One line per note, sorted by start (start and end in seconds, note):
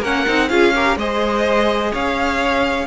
0.00 0.26 A#3
0.00 0.27 C#4
0.00 0.48 A#4
0.00 0.49 F#5
0.27 0.51 C4
0.27 0.50 D#4
0.49 0.97 C#4
0.49 0.73 F4
0.49 0.74 G#4
0.49 0.97 F5
0.75 0.99 G4
0.75 0.99 A#4
0.97 1.92 G#3
0.97 2.87 G#4
0.97 1.92 C5
0.97 1.94 D#5
1.92 2.87 C#4
1.92 2.87 C#5
1.92 2.87 F5